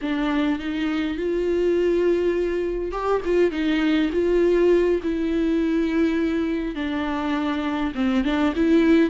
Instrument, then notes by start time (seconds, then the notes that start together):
viola
0.01 D4
0.59 D#4
1.17 F4
2.91 G4
3.24 F4
3.51 D#4
4.12 F4
5.02 E4
6.75 D4
7.94 C4
8.24 D4
8.55 E4